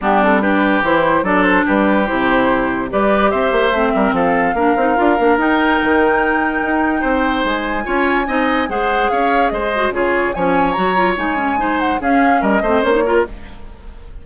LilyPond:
<<
  \new Staff \with { instrumentName = "flute" } { \time 4/4 \tempo 4 = 145 g'8 a'8 b'4 c''4 d''8 c''8 | b'4 c''2 d''4 | e''2 f''2~ | f''4 g''2.~ |
g''2 gis''2~ | gis''4 fis''4 f''4 dis''4 | cis''4 gis''4 ais''4 gis''4~ | gis''8 fis''8 f''4 dis''4 cis''4 | }
  \new Staff \with { instrumentName = "oboe" } { \time 4/4 d'4 g'2 a'4 | g'2. b'4 | c''4. ais'8 a'4 ais'4~ | ais'1~ |
ais'4 c''2 cis''4 | dis''4 c''4 cis''4 c''4 | gis'4 cis''2. | c''4 gis'4 ais'8 c''4 ais'8 | }
  \new Staff \with { instrumentName = "clarinet" } { \time 4/4 b8 c'8 d'4 e'4 d'4~ | d'4 e'2 g'4~ | g'4 c'2 d'8 dis'8 | f'8 d'8 dis'2.~ |
dis'2. f'4 | dis'4 gis'2~ gis'8 fis'8 | f'4 cis'4 fis'8 f'8 dis'8 cis'8 | dis'4 cis'4. c'8 cis'16 dis'16 f'8 | }
  \new Staff \with { instrumentName = "bassoon" } { \time 4/4 g2 e4 fis4 | g4 c2 g4 | c'8 ais8 a8 g8 f4 ais8 c'8 | d'8 ais8 dis'4 dis2 |
dis'4 c'4 gis4 cis'4 | c'4 gis4 cis'4 gis4 | cis4 f4 fis4 gis4~ | gis4 cis'4 g8 a8 ais4 | }
>>